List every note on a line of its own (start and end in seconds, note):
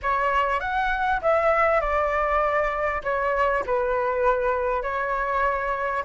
0.02 0.60 C#5
0.60 1.20 F#5
1.21 1.80 E5
1.80 3.02 D5
3.03 3.64 C#5
3.65 4.82 B4
4.82 6.03 C#5